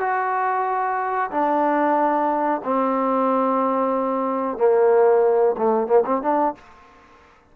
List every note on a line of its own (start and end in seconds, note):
0.00 1.30 F#4
1.31 2.61 D4
2.64 4.58 C4
4.58 5.56 A#3
5.58 5.87 A3
5.87 6.04 A#3
6.06 6.22 C4
6.22 6.55 D4